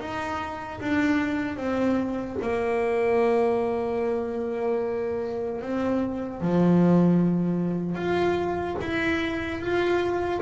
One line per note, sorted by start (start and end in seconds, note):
0.00 0.80 D#4
0.80 1.57 D4
1.57 2.37 C4
2.42 5.61 A#3
5.61 6.41 C4
6.41 7.96 F3
7.96 8.76 F4
8.81 9.60 E4
9.60 10.40 F4